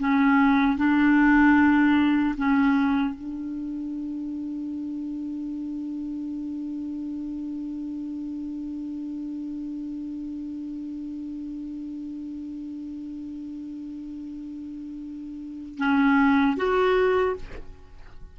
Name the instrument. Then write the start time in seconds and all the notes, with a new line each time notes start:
clarinet
0.00 C#4
0.78 D4
2.38 C#4
3.15 D4
15.78 C#4
16.58 F#4